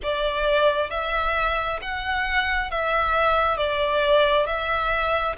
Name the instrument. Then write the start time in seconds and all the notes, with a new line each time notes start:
violin
0.02 D5
0.90 E5
1.81 F#5
2.70 E5
3.57 D5
4.46 E5